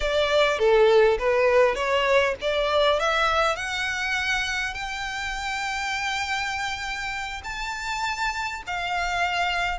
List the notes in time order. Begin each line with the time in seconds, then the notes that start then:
0.00 D5
0.58 A4
1.19 B4
1.75 C#5
2.41 D5
2.99 E5
3.56 F#5
4.74 G5
7.44 A5
8.66 F5